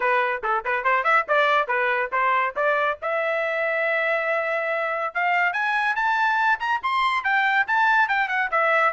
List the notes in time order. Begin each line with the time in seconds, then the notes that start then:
0.00 B4
0.43 A4
0.64 B4
0.84 C5
1.03 E5
1.28 D5
1.67 B4
2.12 C5
2.56 D5
3.02 E5
5.14 F5
5.53 G#5
5.95 A5
6.59 A#5
6.82 C6
7.23 G5
7.67 A5
8.08 G5
8.28 F#5
8.51 E5